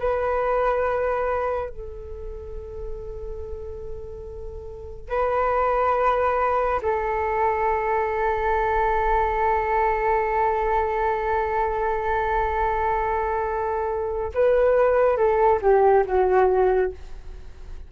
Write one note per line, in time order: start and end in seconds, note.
0.00 1.70 B4
1.70 5.10 A4
5.10 6.81 B4
6.82 14.32 A4
14.34 15.17 B4
15.17 15.60 A4
15.62 16.05 G4
16.06 16.92 F#4